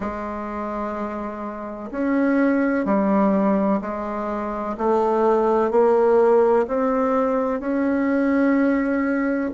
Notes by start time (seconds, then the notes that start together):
0.00 G#3
1.91 C#4
2.85 G3
3.81 G#3
4.77 A3
5.70 A#3
6.67 C4
7.59 C#4